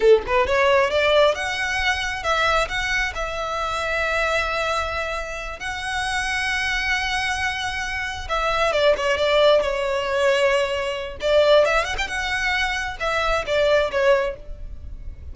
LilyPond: \new Staff \with { instrumentName = "violin" } { \time 4/4 \tempo 4 = 134 a'8 b'8 cis''4 d''4 fis''4~ | fis''4 e''4 fis''4 e''4~ | e''1~ | e''8 fis''2.~ fis''8~ |
fis''2~ fis''8 e''4 d''8 | cis''8 d''4 cis''2~ cis''8~ | cis''4 d''4 e''8 fis''16 g''16 fis''4~ | fis''4 e''4 d''4 cis''4 | }